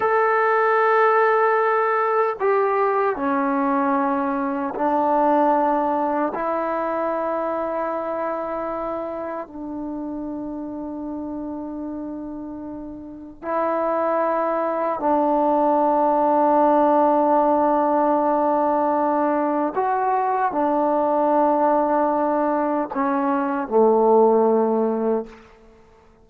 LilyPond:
\new Staff \with { instrumentName = "trombone" } { \time 4/4 \tempo 4 = 76 a'2. g'4 | cis'2 d'2 | e'1 | d'1~ |
d'4 e'2 d'4~ | d'1~ | d'4 fis'4 d'2~ | d'4 cis'4 a2 | }